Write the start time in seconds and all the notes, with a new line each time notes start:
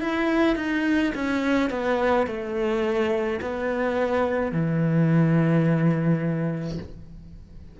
0.00 E4
0.56 D#4
1.14 C#4
1.70 B3
2.26 A3
3.41 B3
4.52 E3